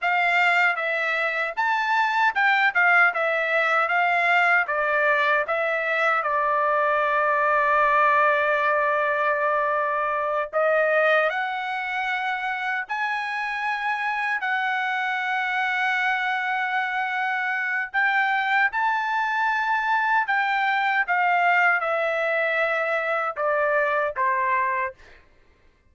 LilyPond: \new Staff \with { instrumentName = "trumpet" } { \time 4/4 \tempo 4 = 77 f''4 e''4 a''4 g''8 f''8 | e''4 f''4 d''4 e''4 | d''1~ | d''4. dis''4 fis''4.~ |
fis''8 gis''2 fis''4.~ | fis''2. g''4 | a''2 g''4 f''4 | e''2 d''4 c''4 | }